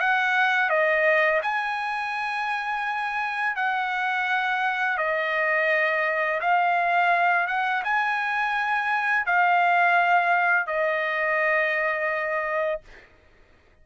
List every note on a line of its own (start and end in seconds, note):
0.00 0.69 F#5
0.69 1.41 D#5
1.43 3.56 G#5
3.56 4.97 F#5
4.97 6.40 D#5
6.41 7.47 F5
7.47 7.83 F#5
7.84 9.26 G#5
9.26 10.67 F5
10.67 12.81 D#5